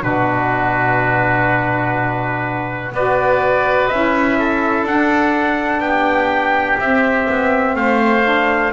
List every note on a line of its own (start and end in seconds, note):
0.00 2.92 B2
0.00 2.90 D4
0.00 2.94 F#4
0.00 2.93 B4
2.92 3.89 B3
2.92 3.91 F#4
2.92 4.39 B4
2.92 3.88 D5
3.88 4.83 C#4
3.88 4.87 E4
3.88 4.84 E5
4.39 5.84 A4
4.83 5.79 D4
4.83 6.81 D4
4.83 5.80 F#5
5.79 6.76 B3
5.79 7.76 G4
5.79 6.77 G5
6.79 7.27 C4
6.79 8.23 C4
6.79 7.76 E5
7.29 7.75 B3
7.75 8.72 A3
7.75 8.73 C5
7.75 8.73 F5
8.23 8.71 D4